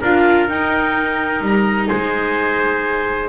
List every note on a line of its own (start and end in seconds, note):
0.00 0.48 D4
0.00 0.48 F4
0.00 1.88 A#4
0.00 0.48 F5
0.48 1.40 D#4
0.48 3.29 D#4
0.48 1.42 G5
1.40 1.88 G3
1.40 1.87 A#5
1.87 3.29 G#3
1.87 3.29 C5
1.87 3.28 G#5